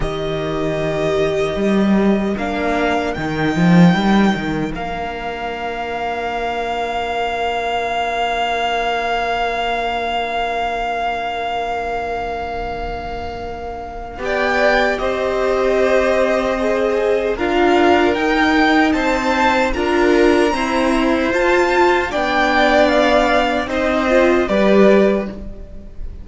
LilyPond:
<<
  \new Staff \with { instrumentName = "violin" } { \time 4/4 \tempo 4 = 76 dis''2. f''4 | g''2 f''2~ | f''1~ | f''1~ |
f''2 g''4 dis''4~ | dis''2 f''4 g''4 | a''4 ais''2 a''4 | g''4 f''4 dis''4 d''4 | }
  \new Staff \with { instrumentName = "violin" } { \time 4/4 ais'1~ | ais'1~ | ais'1~ | ais'1~ |
ais'2 d''4 c''4~ | c''2 ais'2 | c''4 ais'4 c''2 | d''2 c''4 b'4 | }
  \new Staff \with { instrumentName = "viola" } { \time 4/4 g'2. d'4 | dis'2 d'2~ | d'1~ | d'1~ |
d'2 g'2~ | g'4 gis'4 f'4 dis'4~ | dis'4 f'4 c'4 f'4 | d'2 dis'8 f'8 g'4 | }
  \new Staff \with { instrumentName = "cello" } { \time 4/4 dis2 g4 ais4 | dis8 f8 g8 dis8 ais2~ | ais1~ | ais1~ |
ais2 b4 c'4~ | c'2 d'4 dis'4 | c'4 d'4 e'4 f'4 | b2 c'4 g4 | }
>>